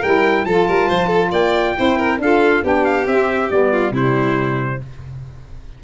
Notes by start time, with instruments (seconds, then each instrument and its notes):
0.00 tuba G3, saxophone E4, violin A#4, trumpet G5
0.45 tuba F3, saxophone F4, violin A4, trumpet A5
0.68 tuba G3, violin A#4
0.89 tuba F3, violin C5
1.07 violin A4
1.32 tuba A#3, violin D5, trumpet G5
1.76 tuba C4, saxophone E4, violin C5
1.98 violin A#4
2.19 tuba D4, saxophone F4, violin A4, trumpet F5
2.63 tuba B3, saxophone D4, violin G4, trumpet G5
2.85 trumpet F5
3.07 tuba C4, saxophone C4, trumpet E5
3.51 tuba G3, saxophone B3, trumpet D5
3.72 violin F4
3.91 tuba C3, saxophone G3, violin E4, trumpet C5